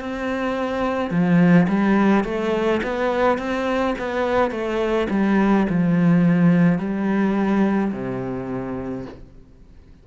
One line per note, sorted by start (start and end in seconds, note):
0.00 1.10 C4
1.10 1.67 F3
1.68 2.24 G3
2.24 2.80 A3
2.83 3.38 B3
3.38 3.95 C4
3.98 4.50 B3
4.50 5.07 A3
5.09 5.66 G3
5.69 6.78 F3
6.78 7.91 G3
7.92 9.05 C3